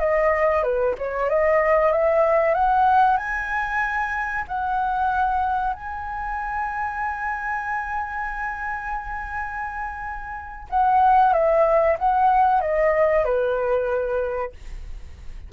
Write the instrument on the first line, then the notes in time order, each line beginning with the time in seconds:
flute
0.00 D#5
0.63 B4
0.99 C#5
1.30 D#5
1.93 E5
2.54 F#5
3.18 G#5
4.48 F#5
5.74 G#5
10.70 F#5
11.34 E5
11.99 F#5
12.62 D#5
13.25 B4